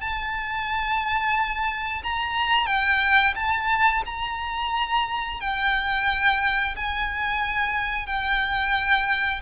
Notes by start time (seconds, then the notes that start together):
0.00 A5
2.03 A#5
2.66 G5
3.35 A5
4.05 A#5
5.40 G5
6.76 G#5
8.06 G5